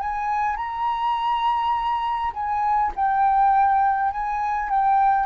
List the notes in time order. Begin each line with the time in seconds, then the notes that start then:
0.00 G#5
0.56 A#5
2.34 G#5
2.96 G5
4.11 G#5
4.70 G5